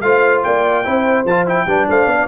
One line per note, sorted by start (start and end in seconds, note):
0.00 0.43 A3
0.00 0.84 F4
0.00 0.45 C5
0.00 0.41 F5
0.43 0.86 A#3
0.43 0.84 D5
0.43 1.25 G5
0.84 1.24 C4
0.84 1.25 E4
0.84 1.66 C5
1.24 1.65 F3
1.24 1.46 F4
1.24 1.47 A5
1.46 1.67 E4
1.46 1.89 G5
1.66 1.87 G3
1.66 2.27 D4
1.66 1.87 B4
1.88 2.06 A3
1.88 2.08 C5
1.88 2.27 F5
2.06 2.27 B3
2.06 2.27 D5